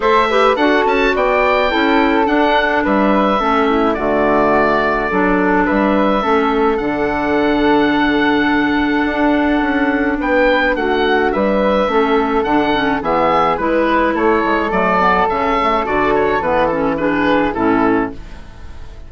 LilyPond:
<<
  \new Staff \with { instrumentName = "oboe" } { \time 4/4 \tempo 4 = 106 e''4 fis''8 a''8 g''2 | fis''4 e''2 d''4~ | d''2 e''2 | fis''1~ |
fis''2 g''4 fis''4 | e''2 fis''4 e''4 | b'4 cis''4 d''4 e''4 | d''8 cis''8 b'8 a'8 b'4 a'4 | }
  \new Staff \with { instrumentName = "flute" } { \time 4/4 c''8 b'8 a'4 d''4 a'4~ | a'4 b'4 a'8 e'8 fis'4~ | fis'4 a'4 b'4 a'4~ | a'1~ |
a'2 b'4 fis'4 | b'4 a'2 gis'4 | b'4 a'2.~ | a'2 gis'4 e'4 | }
  \new Staff \with { instrumentName = "clarinet" } { \time 4/4 a'8 g'8 fis'2 e'4 | d'2 cis'4 a4~ | a4 d'2 cis'4 | d'1~ |
d'1~ | d'4 cis'4 d'8 cis'8 b4 | e'2 a8 b8 cis'8 a8 | fis'4 b8 cis'8 d'4 cis'4 | }
  \new Staff \with { instrumentName = "bassoon" } { \time 4/4 a4 d'8 cis'8 b4 cis'4 | d'4 g4 a4 d4~ | d4 fis4 g4 a4 | d1 |
d'4 cis'4 b4 a4 | g4 a4 d4 e4 | gis4 a8 gis8 fis4 cis4 | d4 e2 a,4 | }
>>